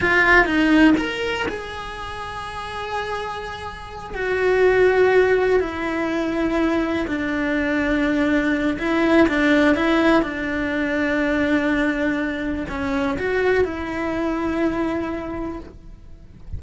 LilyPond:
\new Staff \with { instrumentName = "cello" } { \time 4/4 \tempo 4 = 123 f'4 dis'4 ais'4 gis'4~ | gis'1~ | gis'8 fis'2. e'8~ | e'2~ e'8 d'4.~ |
d'2 e'4 d'4 | e'4 d'2.~ | d'2 cis'4 fis'4 | e'1 | }